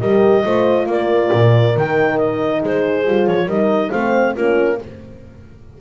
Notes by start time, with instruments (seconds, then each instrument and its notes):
0.00 double bass G3, horn G4 A#4, clarinet D#5
0.44 double bass A3, horn F4 C5
0.86 double bass A#3, horn A#4, clarinet D5
1.33 double bass A#2
1.76 double bass D#3, horn D#4, clarinet G5
2.18 clarinet D#5
2.61 double bass G#3, horn G#4, clarinet C5
3.05 double bass G3, horn F4
3.27 double bass F3, clarinet C#5
3.46 double bass G3, horn D#4 A#4, clarinet D#5
3.91 double bass A3, horn C4 C5, clarinet F5
4.35 double bass A#3, horn C#4 F4, clarinet A#4